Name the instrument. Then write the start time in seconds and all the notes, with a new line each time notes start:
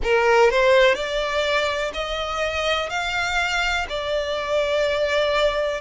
violin
0.03 A#4
0.50 C5
0.95 D5
1.93 D#5
2.89 F5
3.89 D5